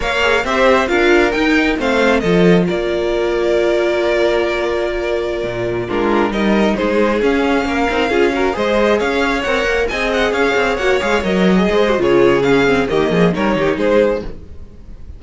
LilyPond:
<<
  \new Staff \with { instrumentName = "violin" } { \time 4/4 \tempo 4 = 135 f''4 e''4 f''4 g''4 | f''4 dis''4 d''2~ | d''1~ | d''4~ d''16 ais'4 dis''4 c''8.~ |
c''16 f''2. dis''8.~ | dis''16 f''4 fis''4 gis''8 fis''8 f''8.~ | f''16 fis''8 f''8 dis''4.~ dis''16 cis''4 | f''4 dis''4 cis''4 c''4 | }
  \new Staff \with { instrumentName = "violin" } { \time 4/4 cis''4 c''4 ais'2 | c''4 a'4 ais'2~ | ais'1~ | ais'4~ ais'16 f'4 ais'4 gis'8.~ |
gis'4~ gis'16 ais'4 gis'8 ais'8 c''8.~ | c''16 cis''2 dis''4 cis''8.~ | cis''2~ cis''16 c''8. gis'4~ | gis'4 g'8 gis'8 ais'8 g'8 gis'4 | }
  \new Staff \with { instrumentName = "viola" } { \time 4/4 ais'8 gis'8 g'4 f'4 dis'4 | c'4 f'2.~ | f'1~ | f'4~ f'16 d'4 dis'4.~ dis'16~ |
dis'16 cis'4. dis'8 f'8 fis'8 gis'8.~ | gis'4~ gis'16 ais'4 gis'4.~ gis'16~ | gis'16 fis'8 gis'8 ais'8. gis'8. fis'16 f'4 | cis'8 c'8 ais4 dis'2 | }
  \new Staff \with { instrumentName = "cello" } { \time 4/4 ais4 c'4 d'4 dis'4 | a4 f4 ais2~ | ais1~ | ais16 ais,4 gis4 g4 gis8.~ |
gis16 cis'4 ais8 c'8 cis'4 gis8.~ | gis16 cis'4 c'8 ais8 c'4 cis'8 c'16~ | c'16 ais8 gis8 fis4 gis8. cis4~ | cis4 dis8 f8 g8 dis8 gis4 | }
>>